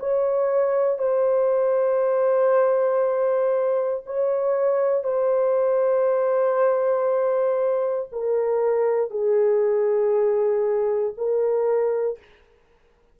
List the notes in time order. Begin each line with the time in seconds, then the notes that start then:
0.00 C#5
0.98 C5
4.06 C#5
5.04 C5
8.12 A#4
9.11 G#4
11.17 A#4